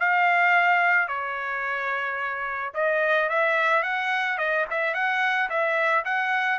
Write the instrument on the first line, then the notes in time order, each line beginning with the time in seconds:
trumpet
0.00 F5
1.08 C#5
2.74 D#5
3.30 E5
3.83 F#5
4.38 D#5
4.71 E5
4.94 F#5
5.50 E5
6.05 F#5